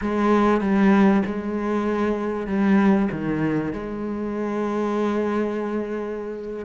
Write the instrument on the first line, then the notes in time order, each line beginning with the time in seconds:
cello
0.01 G#3
0.60 G3
1.25 G#3
2.46 G3
3.11 D#3
3.72 G#3